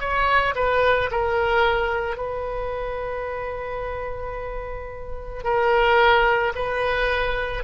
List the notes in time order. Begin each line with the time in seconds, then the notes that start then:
0.00 C#5
0.55 B4
1.12 A#4
2.17 B4
5.43 A#4
6.55 B4